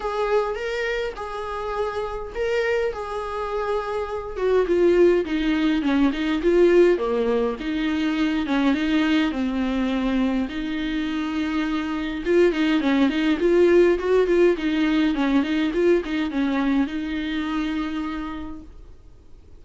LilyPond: \new Staff \with { instrumentName = "viola" } { \time 4/4 \tempo 4 = 103 gis'4 ais'4 gis'2 | ais'4 gis'2~ gis'8 fis'8 | f'4 dis'4 cis'8 dis'8 f'4 | ais4 dis'4. cis'8 dis'4 |
c'2 dis'2~ | dis'4 f'8 dis'8 cis'8 dis'8 f'4 | fis'8 f'8 dis'4 cis'8 dis'8 f'8 dis'8 | cis'4 dis'2. | }